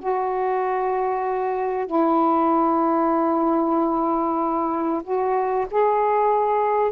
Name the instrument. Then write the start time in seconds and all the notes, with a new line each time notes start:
saxophone
0.00 F#4
1.86 E4
5.04 F#4
5.71 G#4